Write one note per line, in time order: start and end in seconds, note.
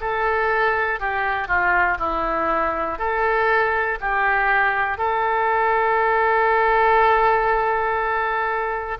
0.00 0.99 A4
0.99 1.47 G4
1.47 1.97 F4
1.98 2.98 E4
2.99 3.99 A4
4.00 4.98 G4
4.98 8.98 A4